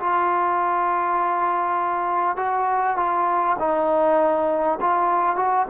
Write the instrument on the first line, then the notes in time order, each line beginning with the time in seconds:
trombone
0.00 F4
2.37 F#4
2.97 F4
3.59 D#4
4.81 F4
5.36 F#4